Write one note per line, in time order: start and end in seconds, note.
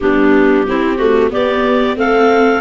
0.00 0.68 G3
0.00 0.67 B3
0.00 0.67 D4
0.00 1.31 G4
0.67 0.98 C4
0.67 1.34 C4
0.67 0.97 E4
0.97 1.30 A3
0.97 1.30 F#4
1.30 1.95 B3
1.30 1.96 B3
1.30 1.97 G4
1.30 1.97 D5
1.95 2.61 A3
1.95 2.61 C4
1.95 2.61 A4
1.95 2.61 F5